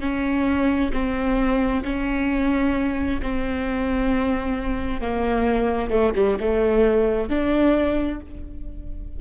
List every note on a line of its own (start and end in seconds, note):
0.00 0.91 C#4
0.93 1.83 C4
1.84 3.21 C#4
3.22 5.01 C4
5.01 5.90 A#3
5.90 6.13 A3
6.16 6.38 G3
6.40 7.29 A3
7.29 8.20 D4